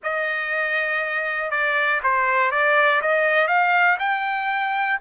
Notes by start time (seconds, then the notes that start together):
0.03 D#5
1.50 D5
2.03 C5
2.51 D5
3.01 D#5
3.47 F5
3.99 G5